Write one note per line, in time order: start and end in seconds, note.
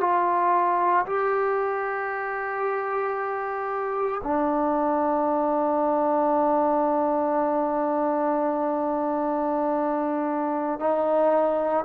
0.00 1.05 F4
1.06 4.22 G4
4.23 10.79 D4
10.79 11.85 D#4